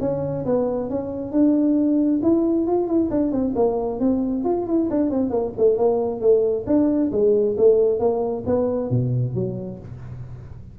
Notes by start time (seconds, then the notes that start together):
0.00 C#4
0.45 B3
0.89 C#4
1.31 D4
2.22 E4
2.67 F4
2.87 E4
3.10 D4
3.31 C4
3.55 A#3
3.99 C4
4.44 F4
4.66 E4
4.90 D4
5.10 C4
5.30 A#3
5.57 A3
5.76 A#3
6.20 A3
6.66 D4
7.11 G#3
7.57 A3
7.99 A#3
8.46 B3
8.90 B2
9.34 F#3